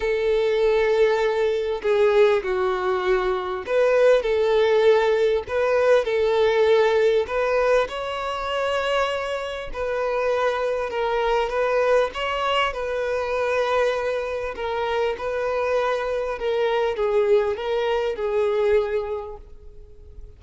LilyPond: \new Staff \with { instrumentName = "violin" } { \time 4/4 \tempo 4 = 99 a'2. gis'4 | fis'2 b'4 a'4~ | a'4 b'4 a'2 | b'4 cis''2. |
b'2 ais'4 b'4 | cis''4 b'2. | ais'4 b'2 ais'4 | gis'4 ais'4 gis'2 | }